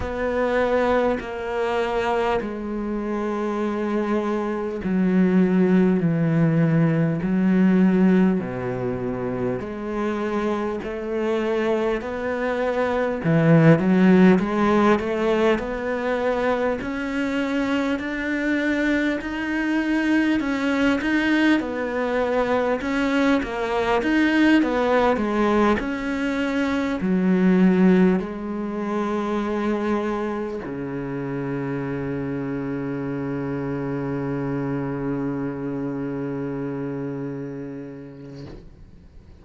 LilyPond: \new Staff \with { instrumentName = "cello" } { \time 4/4 \tempo 4 = 50 b4 ais4 gis2 | fis4 e4 fis4 b,4 | gis4 a4 b4 e8 fis8 | gis8 a8 b4 cis'4 d'4 |
dis'4 cis'8 dis'8 b4 cis'8 ais8 | dis'8 b8 gis8 cis'4 fis4 gis8~ | gis4. cis2~ cis8~ | cis1 | }